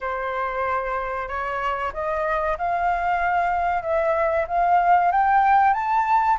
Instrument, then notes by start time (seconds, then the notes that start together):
flute
0.00 C5
1.28 C#5
1.93 D#5
2.58 F5
3.82 E5
4.47 F5
5.11 G5
5.73 A5